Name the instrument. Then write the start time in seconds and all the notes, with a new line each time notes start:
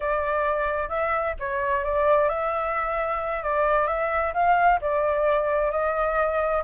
flute
0.00 D5
0.88 E5
1.39 C#5
1.83 D5
2.28 E5
3.43 D5
3.87 E5
4.33 F5
4.81 D5
5.71 D#5